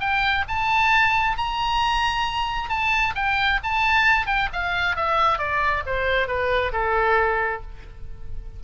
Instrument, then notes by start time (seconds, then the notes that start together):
oboe
0.00 G5
0.48 A5
1.37 A#5
2.69 A5
3.15 G5
3.64 A5
4.27 G5
4.53 F5
4.96 E5
5.39 D5
5.86 C5
6.28 B4
6.73 A4